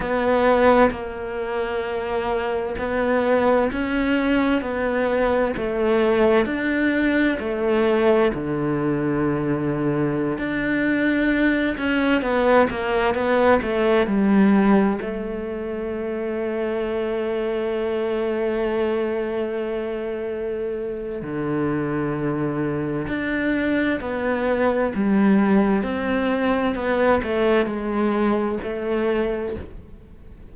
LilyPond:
\new Staff \with { instrumentName = "cello" } { \time 4/4 \tempo 4 = 65 b4 ais2 b4 | cis'4 b4 a4 d'4 | a4 d2~ d16 d'8.~ | d'8. cis'8 b8 ais8 b8 a8 g8.~ |
g16 a2.~ a8.~ | a2. d4~ | d4 d'4 b4 g4 | c'4 b8 a8 gis4 a4 | }